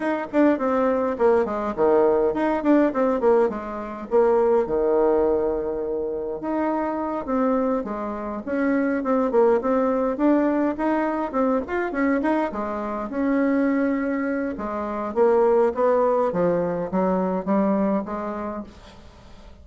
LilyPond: \new Staff \with { instrumentName = "bassoon" } { \time 4/4 \tempo 4 = 103 dis'8 d'8 c'4 ais8 gis8 dis4 | dis'8 d'8 c'8 ais8 gis4 ais4 | dis2. dis'4~ | dis'8 c'4 gis4 cis'4 c'8 |
ais8 c'4 d'4 dis'4 c'8 | f'8 cis'8 dis'8 gis4 cis'4.~ | cis'4 gis4 ais4 b4 | f4 fis4 g4 gis4 | }